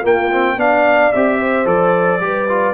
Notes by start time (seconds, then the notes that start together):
0.00 A#3 F4 G5
0.31 C4
0.56 B3 D4 D5 F5
1.12 C4 G4 E5
1.39 C5
1.65 F3 A4 D5
2.20 G3 G4 B4
2.49 F4